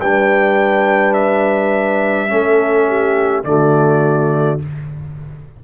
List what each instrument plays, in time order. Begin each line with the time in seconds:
0.00 tuba G3, trombone D4, horn B4, trumpet G5
1.13 trumpet E5
2.28 tuba A3, trombone C#4, horn A4
2.87 horn G4
3.44 tuba D3, trombone A3, horn F#4, trumpet D5